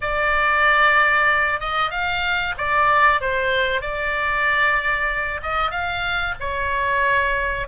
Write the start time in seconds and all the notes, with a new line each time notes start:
0.01 D5
1.60 D#5
1.90 F5
2.57 D5
3.20 C5
3.81 D5
5.42 D#5
5.70 F5
6.39 C#5